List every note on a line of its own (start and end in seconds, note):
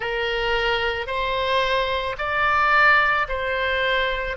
0.00 1.06 A#4
1.06 2.15 C5
2.18 3.27 D5
3.28 4.36 C5